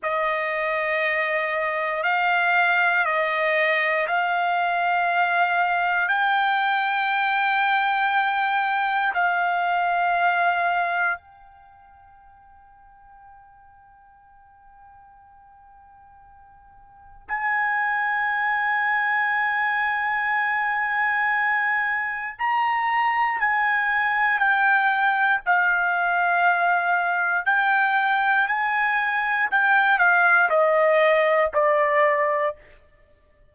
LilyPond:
\new Staff \with { instrumentName = "trumpet" } { \time 4/4 \tempo 4 = 59 dis''2 f''4 dis''4 | f''2 g''2~ | g''4 f''2 g''4~ | g''1~ |
g''4 gis''2.~ | gis''2 ais''4 gis''4 | g''4 f''2 g''4 | gis''4 g''8 f''8 dis''4 d''4 | }